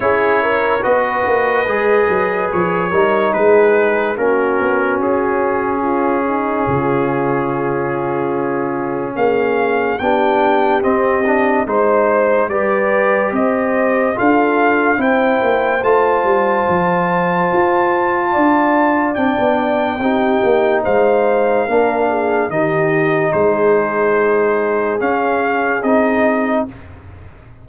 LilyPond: <<
  \new Staff \with { instrumentName = "trumpet" } { \time 4/4 \tempo 4 = 72 cis''4 dis''2 cis''4 | b'4 ais'4 gis'2~ | gis'2. f''4 | g''4 dis''4 c''4 d''4 |
dis''4 f''4 g''4 a''4~ | a''2. g''4~ | g''4 f''2 dis''4 | c''2 f''4 dis''4 | }
  \new Staff \with { instrumentName = "horn" } { \time 4/4 gis'8 ais'8 b'2~ b'8 ais'8 | gis'4 fis'2 f'8 dis'8 | f'2. gis'4 | g'2 c''4 b'4 |
c''4 a'4 c''2~ | c''2 d''2 | g'4 c''4 ais'8 gis'8 g'4 | gis'1 | }
  \new Staff \with { instrumentName = "trombone" } { \time 4/4 e'4 fis'4 gis'4. dis'8~ | dis'4 cis'2.~ | cis'1 | d'4 c'8 d'8 dis'4 g'4~ |
g'4 f'4 e'4 f'4~ | f'2. d'4 | dis'2 d'4 dis'4~ | dis'2 cis'4 dis'4 | }
  \new Staff \with { instrumentName = "tuba" } { \time 4/4 cis'4 b8 ais8 gis8 fis8 f8 g8 | gis4 ais8 b8 cis'2 | cis2. ais4 | b4 c'4 gis4 g4 |
c'4 d'4 c'8 ais8 a8 g8 | f4 f'4 d'4 c'16 b8. | c'8 ais8 gis4 ais4 dis4 | gis2 cis'4 c'4 | }
>>